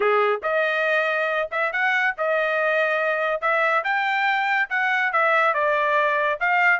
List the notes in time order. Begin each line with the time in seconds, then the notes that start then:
0.00 G#4
0.43 D#5
1.51 E5
1.72 F#5
2.17 D#5
3.41 E5
3.84 G5
4.69 F#5
5.12 E5
5.54 D5
6.40 F5